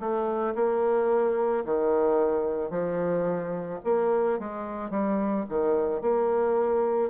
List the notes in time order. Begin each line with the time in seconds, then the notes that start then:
0.00 A3
0.55 A#3
1.65 D#3
2.70 F3
3.84 A#3
4.39 G#3
4.90 G3
5.49 D#3
6.01 A#3